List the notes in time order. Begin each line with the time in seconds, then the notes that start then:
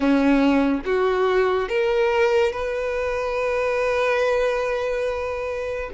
0.00 C#4
0.85 F#4
1.68 A#4
2.52 B4